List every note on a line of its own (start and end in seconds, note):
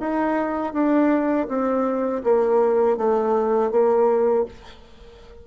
0.00 0.73 D#4
0.73 1.47 D4
1.48 2.23 C4
2.24 2.97 A#3
2.97 3.71 A3
3.71 4.45 A#3